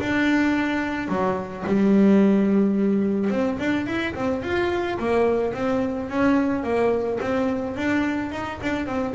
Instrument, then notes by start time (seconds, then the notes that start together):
double bass
0.00 D4
1.08 F#3
1.66 G3
3.30 C4
3.59 D4
3.86 E4
4.14 C4
4.43 F4
4.99 A#3
5.54 C4
6.09 C#4
6.63 A#3
7.20 C4
7.76 D4
8.32 D#4
8.62 D4
8.86 C4